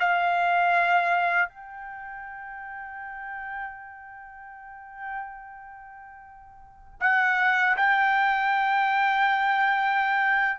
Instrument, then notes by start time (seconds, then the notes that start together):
trumpet
0.00 F5
1.49 G5
7.01 F#5
7.77 G5